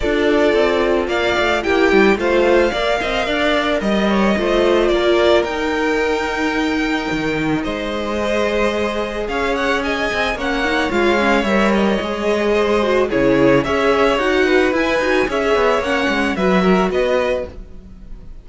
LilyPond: <<
  \new Staff \with { instrumentName = "violin" } { \time 4/4 \tempo 4 = 110 d''2 f''4 g''4 | f''2. dis''4~ | dis''4 d''4 g''2~ | g''2 dis''2~ |
dis''4 f''8 fis''8 gis''4 fis''4 | f''4 e''8 dis''2~ dis''8 | cis''4 e''4 fis''4 gis''4 | e''4 fis''4 e''4 dis''4 | }
  \new Staff \with { instrumentName = "violin" } { \time 4/4 a'2 d''4 g'4 | c''4 d''8 dis''8 d''4 dis''8 cis''8 | c''4 ais'2.~ | ais'2 c''2~ |
c''4 cis''4 dis''4 cis''4~ | cis''2. c''4 | gis'4 cis''4. b'4. | cis''2 b'8 ais'8 b'4 | }
  \new Staff \with { instrumentName = "viola" } { \time 4/4 f'2. e'4 | f'4 ais'2. | f'2 dis'2~ | dis'2. gis'4~ |
gis'2. cis'8 dis'8 | f'8 cis'8 ais'4 gis'4. fis'8 | e'4 gis'4 fis'4 e'8 fis'8 | gis'4 cis'4 fis'2 | }
  \new Staff \with { instrumentName = "cello" } { \time 4/4 d'4 c'4 ais8 a8 ais8 g8 | a4 ais8 c'8 d'4 g4 | a4 ais4 dis'2~ | dis'4 dis4 gis2~ |
gis4 cis'4. c'8 ais4 | gis4 g4 gis2 | cis4 cis'4 dis'4 e'8 dis'8 | cis'8 b8 ais8 gis8 fis4 b4 | }
>>